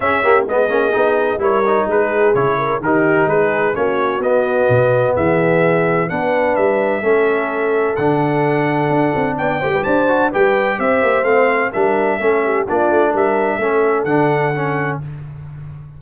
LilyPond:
<<
  \new Staff \with { instrumentName = "trumpet" } { \time 4/4 \tempo 4 = 128 e''4 dis''2 cis''4 | b'4 cis''4 ais'4 b'4 | cis''4 dis''2 e''4~ | e''4 fis''4 e''2~ |
e''4 fis''2. | g''4 a''4 g''4 e''4 | f''4 e''2 d''4 | e''2 fis''2 | }
  \new Staff \with { instrumentName = "horn" } { \time 4/4 gis'8 g'8 gis'2 ais'4 | gis'4. ais'8 g'4 gis'4 | fis'2. gis'4~ | gis'4 b'2 a'4~ |
a'1 | d''8 c''16 b'16 c''4 b'4 c''4~ | c''4 ais'4 a'8 g'8 f'4 | ais'4 a'2. | }
  \new Staff \with { instrumentName = "trombone" } { \time 4/4 cis'8 ais8 b8 cis'8 dis'4 e'8 dis'8~ | dis'4 e'4 dis'2 | cis'4 b2.~ | b4 d'2 cis'4~ |
cis'4 d'2.~ | d'8 g'4 fis'8 g'2 | c'4 d'4 cis'4 d'4~ | d'4 cis'4 d'4 cis'4 | }
  \new Staff \with { instrumentName = "tuba" } { \time 4/4 cis'4 gis8 ais8 b4 g4 | gis4 cis4 dis4 gis4 | ais4 b4 b,4 e4~ | e4 b4 g4 a4~ |
a4 d2 d'8 c'8 | b8 a16 g16 d'4 g4 c'8 ais8 | a4 g4 a4 ais8 a8 | g4 a4 d2 | }
>>